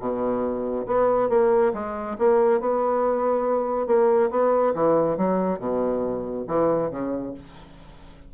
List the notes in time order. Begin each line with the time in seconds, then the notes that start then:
0.00 B2
0.87 B3
1.30 A#3
1.74 G#3
2.19 A#3
2.61 B3
3.87 A#3
4.31 B3
4.75 E3
5.18 F#3
5.59 B2
6.48 E3
6.91 C#3